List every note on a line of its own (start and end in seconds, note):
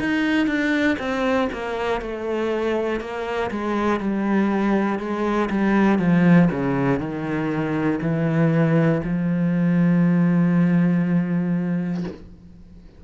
0.00 0.47 D#4
0.47 0.97 D4
0.99 1.49 C4
1.52 2.01 A#3
2.01 3.00 A3
3.00 3.50 A#3
3.50 4.00 G#3
4.00 4.99 G3
4.99 5.49 G#3
5.50 5.99 G3
5.99 6.49 F3
6.51 7.00 C#3
7.00 8.00 D#3
8.02 9.02 E3
9.04 12.04 F3